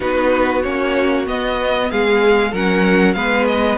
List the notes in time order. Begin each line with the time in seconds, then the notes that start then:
0.00 B3 D#4 F#4 B4
0.62 A#3 C#4 C#5
1.25 B3 D#5
1.90 G#3 G#4 F5
2.51 F#3 C#4 A#4 F#5
3.13 G#3 B3 B4 F5
3.46 D#5